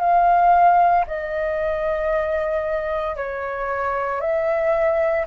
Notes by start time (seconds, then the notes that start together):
0.00 F5
1.07 D#5
3.16 C#5
4.21 E5